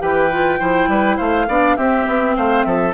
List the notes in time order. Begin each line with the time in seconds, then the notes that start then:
0.00 E3 G4 B4 G5
0.32 F4
0.59 F3 E4 C5
0.88 G3 B4
1.17 A3 C5 F5
1.48 B3 D4 D5
1.77 C4 G4 E5
2.08 B3
2.37 A3 C5 F5
2.64 F3 A4 E5